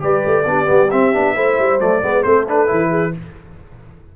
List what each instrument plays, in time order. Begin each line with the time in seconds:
0.00 tuba G3, trombone G4, horn B4, trumpet D5
0.26 tuba A3
0.45 tuba B3, trombone D4, horn G4
0.66 tuba G3, trombone B3
0.91 trombone C4, tuba C4, trumpet E5
1.13 tuba B3, trombone D4
1.35 tuba A3, trombone E4, horn C5
1.59 tuba G3
1.80 tuba F#3, trombone A3, trumpet D5
2.02 tuba G#3, trombone B3, horn B4
2.23 tuba A3, trombone C4, horn A4, trumpet C5
2.48 trombone D4, trumpet B4
2.67 tuba E3, trombone E4
2.90 horn G#4